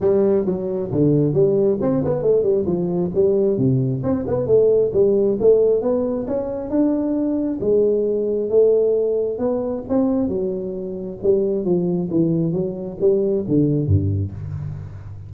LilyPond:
\new Staff \with { instrumentName = "tuba" } { \time 4/4 \tempo 4 = 134 g4 fis4 d4 g4 | c'8 b8 a8 g8 f4 g4 | c4 c'8 b8 a4 g4 | a4 b4 cis'4 d'4~ |
d'4 gis2 a4~ | a4 b4 c'4 fis4~ | fis4 g4 f4 e4 | fis4 g4 d4 g,4 | }